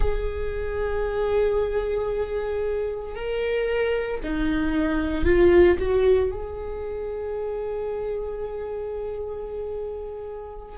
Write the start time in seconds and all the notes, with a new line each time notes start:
0.00 G#4
3.15 A#4
4.23 D#4
5.24 F4
5.78 F#4
6.31 G#4